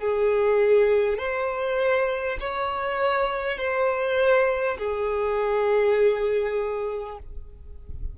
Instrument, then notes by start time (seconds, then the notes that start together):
violin
0.00 G#4
1.19 C5
2.41 C#5
3.58 C5
4.78 G#4